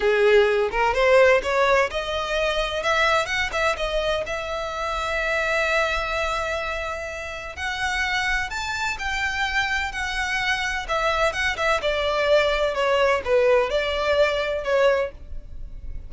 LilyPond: \new Staff \with { instrumentName = "violin" } { \time 4/4 \tempo 4 = 127 gis'4. ais'8 c''4 cis''4 | dis''2 e''4 fis''8 e''8 | dis''4 e''2.~ | e''1 |
fis''2 a''4 g''4~ | g''4 fis''2 e''4 | fis''8 e''8 d''2 cis''4 | b'4 d''2 cis''4 | }